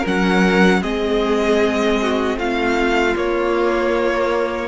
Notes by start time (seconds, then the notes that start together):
0.00 F#3 C#4 A#4
0.07 F#5
0.81 G#3 C4 G#4 D#5
2.02 F#4
2.37 A3 F4 F5
3.15 A#3 C#5